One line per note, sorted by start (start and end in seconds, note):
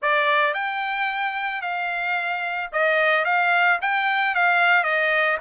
0.01 0.54 D5
0.54 1.61 G5
1.61 2.70 F5
2.72 3.25 D#5
3.25 3.79 F5
3.81 4.34 G5
4.34 4.83 F5
4.83 5.37 D#5